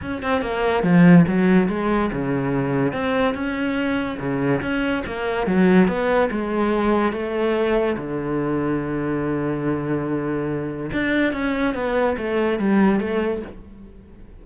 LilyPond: \new Staff \with { instrumentName = "cello" } { \time 4/4 \tempo 4 = 143 cis'8 c'8 ais4 f4 fis4 | gis4 cis2 c'4 | cis'2 cis4 cis'4 | ais4 fis4 b4 gis4~ |
gis4 a2 d4~ | d1~ | d2 d'4 cis'4 | b4 a4 g4 a4 | }